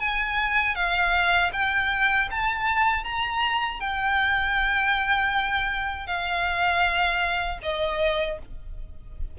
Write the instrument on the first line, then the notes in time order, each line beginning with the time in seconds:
violin
0.00 G#5
0.76 F5
1.53 G5
2.31 A5
3.04 A#5
3.80 G5
6.07 F5
7.63 D#5